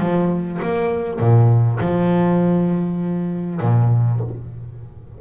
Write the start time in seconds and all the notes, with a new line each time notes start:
0.00 F3
0.62 A#3
1.20 A#2
1.81 F3
3.61 A#2